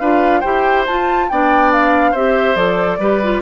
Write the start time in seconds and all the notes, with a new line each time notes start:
0.00 D4 F4 B4 F5
0.41 E4 G4 C5 G5
0.87 F4 A5
1.29 B3 D4 D5 G5
1.72 F5
2.12 C4 G4 C5 E5
2.56 F3 A4 D5
2.99 G3 G4 B4
3.24 F4